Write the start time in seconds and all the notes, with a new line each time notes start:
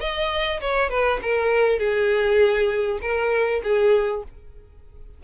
0.00 D#5
0.61 C#5
0.90 B4
1.22 A#4
1.79 G#4
3.01 A#4
3.64 G#4